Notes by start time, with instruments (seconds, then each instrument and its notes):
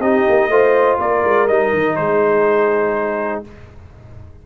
0.00 tuba C4, trombone D#4, horn G4, trumpet D#5
0.29 tuba A#3
0.49 tuba A3, trombone F4, horn C5
0.99 tuba A#3, horn A#4, trumpet D5
1.24 tuba G#3
1.48 tuba G3, trombone D#4, trumpet D#5
1.73 tuba D#3
1.96 tuba G#3, horn G#4, trumpet C5